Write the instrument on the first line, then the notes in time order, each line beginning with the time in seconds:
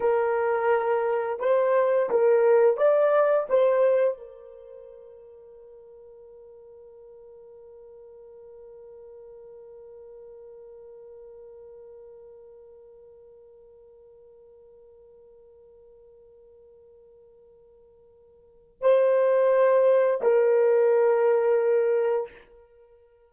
horn
0.00 A#4
1.40 C5
2.09 A#4
2.77 D5
3.49 C5
4.18 A#4
18.81 C5
20.21 A#4